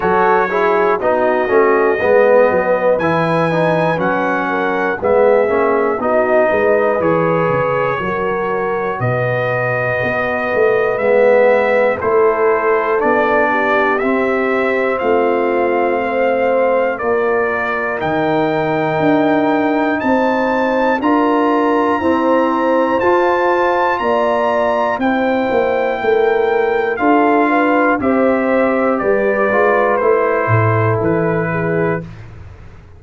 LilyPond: <<
  \new Staff \with { instrumentName = "trumpet" } { \time 4/4 \tempo 4 = 60 cis''4 dis''2 gis''4 | fis''4 e''4 dis''4 cis''4~ | cis''4 dis''2 e''4 | c''4 d''4 e''4 f''4~ |
f''4 d''4 g''2 | a''4 ais''2 a''4 | ais''4 g''2 f''4 | e''4 d''4 c''4 b'4 | }
  \new Staff \with { instrumentName = "horn" } { \time 4/4 a'8 gis'8 fis'4 b'2~ | b'8 ais'8 gis'4 fis'8 b'4. | ais'4 b'2. | a'4. g'4. f'4 |
c''4 ais'2. | c''4 ais'4 c''2 | d''4 c''4 ais'4 a'8 b'8 | c''4 b'4. a'4 gis'8 | }
  \new Staff \with { instrumentName = "trombone" } { \time 4/4 fis'8 e'8 dis'8 cis'8 b4 e'8 dis'8 | cis'4 b8 cis'8 dis'4 gis'4 | fis'2. b4 | e'4 d'4 c'2~ |
c'4 f'4 dis'2~ | dis'4 f'4 c'4 f'4~ | f'4 e'2 f'4 | g'4. f'8 e'2 | }
  \new Staff \with { instrumentName = "tuba" } { \time 4/4 fis4 b8 a8 gis8 fis8 e4 | fis4 gis8 ais8 b8 gis8 e8 cis8 | fis4 b,4 b8 a8 gis4 | a4 b4 c'4 a4~ |
a4 ais4 dis4 d'4 | c'4 d'4 e'4 f'4 | ais4 c'8 ais8 a4 d'4 | c'4 g8 gis8 a8 a,8 e4 | }
>>